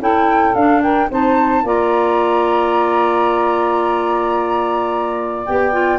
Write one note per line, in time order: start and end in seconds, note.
0.00 0.55 C#4
0.00 0.55 E4
0.00 0.82 A4
0.00 0.55 G5
0.55 1.10 D4
0.55 0.82 F5
0.82 1.09 A#4
0.82 1.10 G5
1.10 1.64 C4
1.10 1.65 D#4
1.10 1.65 C5
1.10 1.68 A5
1.64 5.45 A#3
1.64 5.47 F4
1.64 5.99 D5
1.64 5.46 A#5
5.46 5.99 B3
5.46 5.72 G4
5.46 5.99 G5
5.72 5.99 F4